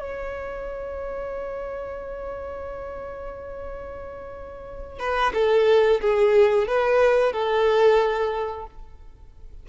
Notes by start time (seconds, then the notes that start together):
0.00 C#5
4.99 B4
5.34 A4
6.01 G#4
6.67 B4
7.33 A4